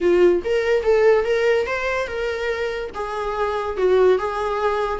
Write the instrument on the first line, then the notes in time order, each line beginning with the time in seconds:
viola
0.00 F4
0.44 A#4
0.83 A4
1.25 A#4
1.66 C5
2.07 A#4
2.94 G#4
3.77 F#4
4.18 G#4